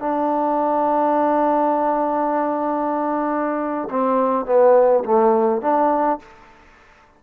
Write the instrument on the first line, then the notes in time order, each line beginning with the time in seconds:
trombone
0.00 D4
3.90 C4
4.46 B3
5.05 A3
5.62 D4